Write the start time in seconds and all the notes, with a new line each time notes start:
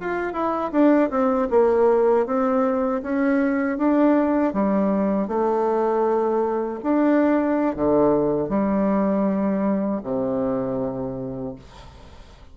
0.00 F4
0.32 E4
0.71 D4
1.10 C4
1.50 A#3
2.26 C4
3.02 C#4
3.78 D4
4.53 G3
5.28 A3
6.83 D4
7.75 D3
8.49 G3
10.03 C3